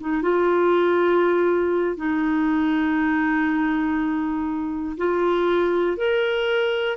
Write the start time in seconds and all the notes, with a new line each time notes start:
0.00 D#4
0.22 F4
1.96 D#4
4.97 F4
5.97 A#4